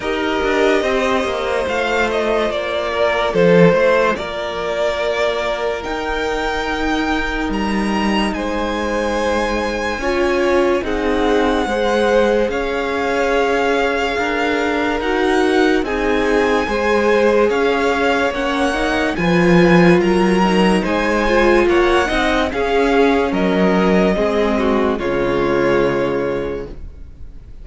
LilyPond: <<
  \new Staff \with { instrumentName = "violin" } { \time 4/4 \tempo 4 = 72 dis''2 f''8 dis''8 d''4 | c''4 d''2 g''4~ | g''4 ais''4 gis''2~ | gis''4 fis''2 f''4~ |
f''2 fis''4 gis''4~ | gis''4 f''4 fis''4 gis''4 | ais''4 gis''4 fis''4 f''4 | dis''2 cis''2 | }
  \new Staff \with { instrumentName = "violin" } { \time 4/4 ais'4 c''2~ c''8 ais'8 | a'8 c''8 ais'2.~ | ais'2 c''2 | cis''4 gis'4 c''4 cis''4~ |
cis''4 ais'2 gis'4 | c''4 cis''2 b'4 | ais'4 c''4 cis''8 dis''8 gis'4 | ais'4 gis'8 fis'8 f'2 | }
  \new Staff \with { instrumentName = "viola" } { \time 4/4 g'2 f'2~ | f'2. dis'4~ | dis'1 | f'4 dis'4 gis'2~ |
gis'2 fis'4 dis'4 | gis'2 cis'8 dis'8 f'4~ | f'8 dis'4 f'4 dis'8 cis'4~ | cis'4 c'4 gis2 | }
  \new Staff \with { instrumentName = "cello" } { \time 4/4 dis'8 d'8 c'8 ais8 a4 ais4 | f8 a8 ais2 dis'4~ | dis'4 g4 gis2 | cis'4 c'4 gis4 cis'4~ |
cis'4 d'4 dis'4 c'4 | gis4 cis'4 ais4 f4 | fis4 gis4 ais8 c'8 cis'4 | fis4 gis4 cis2 | }
>>